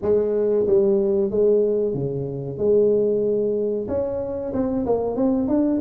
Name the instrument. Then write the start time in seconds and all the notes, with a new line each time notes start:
tuba
0.02 G#3
0.66 G3
1.30 G#3
1.94 C#3
2.58 G#3
3.88 C#4
4.53 C4
4.86 A#3
5.16 C4
5.48 D4